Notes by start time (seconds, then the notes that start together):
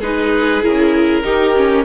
0.00 G#3 D#4 G#4 B4
0.62 C#3 E4 A#4
1.22 D#3 D#4 G4
1.55 C#4